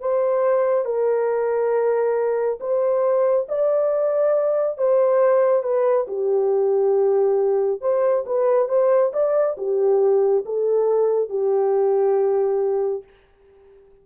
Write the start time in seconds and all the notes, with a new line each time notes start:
0.00 C5
0.85 A#4
2.60 C5
3.49 D5
4.78 C5
5.63 B4
6.08 G4
7.81 C5
8.26 B4
8.69 C5
9.13 D5
9.57 G4
10.45 A4
11.30 G4